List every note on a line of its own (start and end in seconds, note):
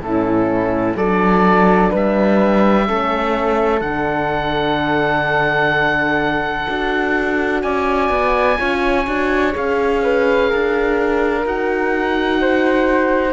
0.00 0.95 A2
0.00 0.97 C#4
0.00 0.96 E4
0.00 0.97 A4
0.96 1.91 F#3
0.96 2.87 D4
0.96 1.90 A4
0.96 1.93 D5
1.90 2.89 G3
1.90 2.85 B4
1.96 3.81 E5
2.87 3.81 A3
2.87 3.82 C#4
2.87 7.63 A4
3.81 6.67 D3
3.81 6.68 D4
3.81 7.62 F#5
6.68 7.64 D4
6.68 8.57 F#4
7.62 8.10 C#4
7.62 8.59 D5
7.62 9.53 G#5
8.10 8.57 B3
8.57 9.07 C#4
8.57 9.05 F4
8.57 10.02 C#5
9.07 9.55 D4
9.07 9.52 F#4
9.52 10.53 C#4
9.52 11.43 G#4
9.52 11.47 F5
10.03 10.50 B4
10.50 11.46 D4
10.50 12.40 A#4
11.45 13.33 D#4
11.45 13.33 F#4
11.45 13.33 F#5
12.41 13.33 C5